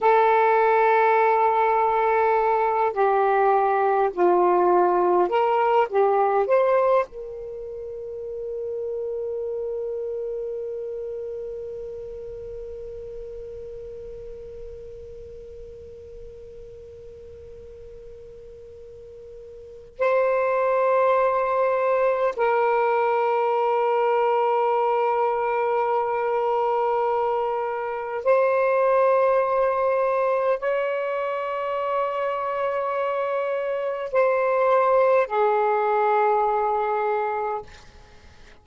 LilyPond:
\new Staff \with { instrumentName = "saxophone" } { \time 4/4 \tempo 4 = 51 a'2~ a'8 g'4 f'8~ | f'8 ais'8 g'8 c''8 ais'2~ | ais'1~ | ais'1~ |
ais'4 c''2 ais'4~ | ais'1 | c''2 cis''2~ | cis''4 c''4 gis'2 | }